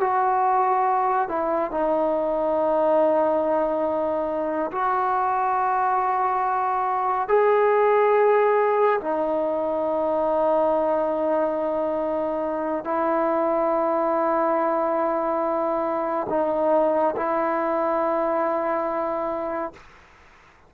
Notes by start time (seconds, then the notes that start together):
0.00 F#4
1.28 E4
1.70 D#4
4.71 F#4
7.28 G#4
9.00 D#4
12.84 E4
16.29 D#4
17.15 E4